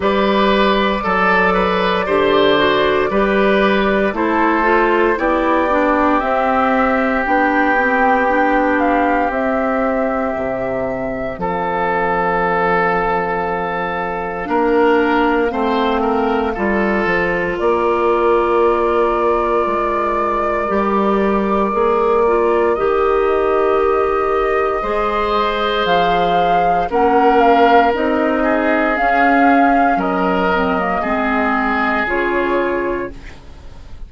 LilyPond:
<<
  \new Staff \with { instrumentName = "flute" } { \time 4/4 \tempo 4 = 58 d''1 | c''4 d''4 e''4 g''4~ | g''8 f''8 e''2 f''4~ | f''1~ |
f''4 d''2.~ | d''2 dis''2~ | dis''4 f''4 fis''8 f''8 dis''4 | f''4 dis''2 cis''4 | }
  \new Staff \with { instrumentName = "oboe" } { \time 4/4 b'4 a'8 b'8 c''4 b'4 | a'4 g'2.~ | g'2. a'4~ | a'2 ais'4 c''8 ais'8 |
a'4 ais'2.~ | ais'1 | c''2 ais'4. gis'8~ | gis'4 ais'4 gis'2 | }
  \new Staff \with { instrumentName = "clarinet" } { \time 4/4 g'4 a'4 g'8 fis'8 g'4 | e'8 f'8 e'8 d'8 c'4 d'8 c'8 | d'4 c'2.~ | c'2 d'4 c'4 |
f'1 | g'4 gis'8 f'8 g'2 | gis'2 cis'4 dis'4 | cis'4. c'16 ais16 c'4 f'4 | }
  \new Staff \with { instrumentName = "bassoon" } { \time 4/4 g4 fis4 d4 g4 | a4 b4 c'4 b4~ | b4 c'4 c4 f4~ | f2 ais4 a4 |
g8 f8 ais2 gis4 | g4 ais4 dis2 | gis4 f4 ais4 c'4 | cis'4 fis4 gis4 cis4 | }
>>